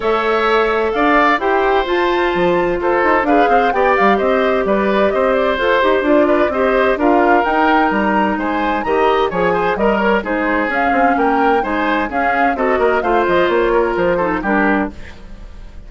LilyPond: <<
  \new Staff \with { instrumentName = "flute" } { \time 4/4 \tempo 4 = 129 e''2 f''4 g''4 | a''2 c''4 f''4 | g''8 f''8 dis''4 d''4 dis''8 d''8 | c''4 d''4 dis''4 f''4 |
g''4 ais''4 gis''4 ais''4 | gis''4 dis''8 cis''8 c''4 f''4 | g''4 gis''4 f''4 dis''4 | f''8 dis''8 cis''4 c''4 ais'4 | }
  \new Staff \with { instrumentName = "oboe" } { \time 4/4 cis''2 d''4 c''4~ | c''2 a'4 b'8 c''8 | d''4 c''4 b'4 c''4~ | c''4. b'8 c''4 ais'4~ |
ais'2 c''4 dis''4 | cis''8 c''8 ais'4 gis'2 | ais'4 c''4 gis'4 a'8 ais'8 | c''4. ais'4 a'8 g'4 | }
  \new Staff \with { instrumentName = "clarinet" } { \time 4/4 a'2. g'4 | f'2. gis'4 | g'1 | a'8 g'8 f'4 g'4 f'4 |
dis'2. g'4 | gis'4 ais'4 dis'4 cis'4~ | cis'4 dis'4 cis'4 fis'4 | f'2~ f'8 dis'8 d'4 | }
  \new Staff \with { instrumentName = "bassoon" } { \time 4/4 a2 d'4 e'4 | f'4 f4 f'8 dis'8 d'8 c'8 | b8 g8 c'4 g4 c'4 | f'8 dis'8 d'4 c'4 d'4 |
dis'4 g4 gis4 dis4 | f4 g4 gis4 cis'8 c'8 | ais4 gis4 cis'4 c'8 ais8 | a8 f8 ais4 f4 g4 | }
>>